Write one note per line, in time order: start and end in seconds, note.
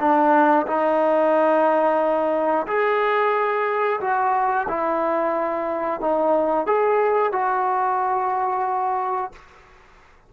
0.00 0.67 D4
0.67 2.67 D#4
2.67 4.01 G#4
4.01 4.68 F#4
4.68 6.01 E4
6.01 6.67 D#4
6.67 7.33 G#4
7.33 9.33 F#4